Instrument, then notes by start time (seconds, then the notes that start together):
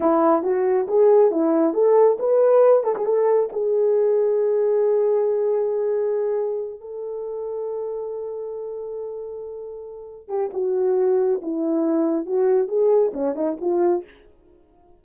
horn
0.00 E4
0.43 F#4
0.87 G#4
1.31 E4
1.73 A4
2.19 B4
2.83 A4
2.96 G#4
3.05 A4
3.52 G#4
6.80 A4
10.28 G4
10.53 F#4
11.41 E4
12.25 F#4
12.68 G#4
13.13 C#4
13.35 D#4
13.60 F4